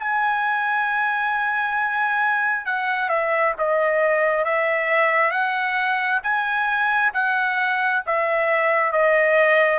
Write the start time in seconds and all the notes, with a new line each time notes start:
0.00 G#5
2.66 F#5
3.09 E5
3.59 D#5
4.45 E5
5.32 F#5
6.23 G#5
7.14 F#5
8.07 E5
8.93 D#5